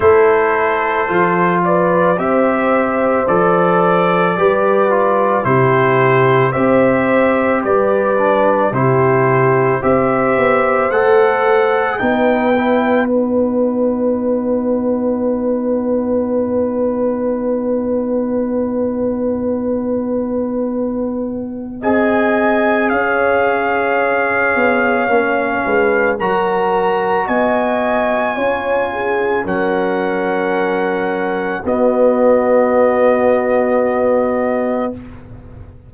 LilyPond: <<
  \new Staff \with { instrumentName = "trumpet" } { \time 4/4 \tempo 4 = 55 c''4. d''8 e''4 d''4~ | d''4 c''4 e''4 d''4 | c''4 e''4 fis''4 g''4 | fis''1~ |
fis''1 | gis''4 f''2. | ais''4 gis''2 fis''4~ | fis''4 dis''2. | }
  \new Staff \with { instrumentName = "horn" } { \time 4/4 a'4. b'8 c''2 | b'4 g'4 c''4 b'4 | g'4 c''2 b'4~ | b'1~ |
b'1 | dis''4 cis''2~ cis''8 b'8 | ais'4 dis''4 cis''8 gis'8 ais'4~ | ais'4 fis'2. | }
  \new Staff \with { instrumentName = "trombone" } { \time 4/4 e'4 f'4 g'4 a'4 | g'8 f'8 e'4 g'4. d'8 | e'4 g'4 a'4 dis'8 e'8 | dis'1~ |
dis'1 | gis'2. cis'4 | fis'2 f'4 cis'4~ | cis'4 b2. | }
  \new Staff \with { instrumentName = "tuba" } { \time 4/4 a4 f4 c'4 f4 | g4 c4 c'4 g4 | c4 c'8 b8 a4 b4~ | b1~ |
b1 | c'4 cis'4. b8 ais8 gis8 | fis4 b4 cis'4 fis4~ | fis4 b2. | }
>>